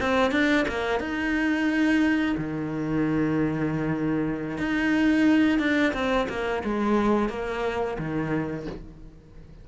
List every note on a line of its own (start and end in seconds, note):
0.00 0.32 C4
0.32 0.66 D4
0.68 1.00 A#3
1.00 2.36 D#4
2.38 4.58 D#3
4.58 5.59 D#4
5.59 5.93 D4
5.93 6.28 C4
6.29 6.63 A#3
6.64 7.29 G#3
7.29 7.97 A#3
7.99 8.67 D#3